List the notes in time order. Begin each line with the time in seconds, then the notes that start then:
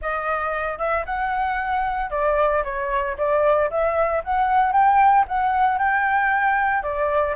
0.01 D#5
0.78 E5
1.05 F#5
2.10 D5
2.64 C#5
3.17 D5
3.70 E5
4.24 F#5
4.72 G5
5.28 F#5
5.78 G5
6.82 D5